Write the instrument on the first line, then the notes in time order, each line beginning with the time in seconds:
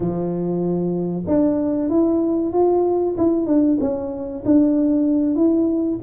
tuba
0.00 F3
1.27 D4
1.89 E4
2.52 F4
3.17 E4
3.46 D4
3.80 C#4
4.45 D4
5.35 E4